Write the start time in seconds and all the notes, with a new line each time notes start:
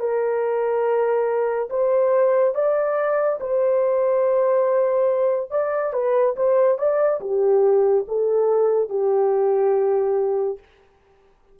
0.00 A#4
1.70 C5
2.55 D5
3.40 C5
5.51 D5
5.93 B4
6.36 C5
6.78 D5
7.21 G4
8.08 A4
8.90 G4